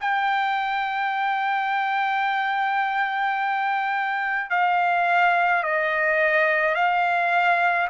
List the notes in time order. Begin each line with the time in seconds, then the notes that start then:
0.00 G5
4.50 F5
5.63 D#5
6.75 F5